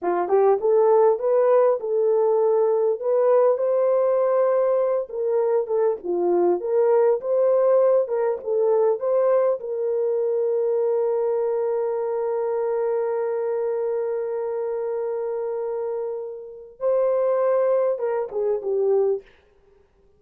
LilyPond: \new Staff \with { instrumentName = "horn" } { \time 4/4 \tempo 4 = 100 f'8 g'8 a'4 b'4 a'4~ | a'4 b'4 c''2~ | c''8 ais'4 a'8 f'4 ais'4 | c''4. ais'8 a'4 c''4 |
ais'1~ | ais'1~ | ais'1 | c''2 ais'8 gis'8 g'4 | }